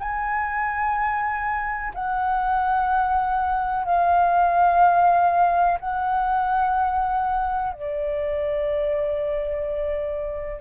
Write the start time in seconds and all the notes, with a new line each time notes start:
0.00 G#5
1.94 F#5
3.86 F5
5.80 F#5
7.73 D5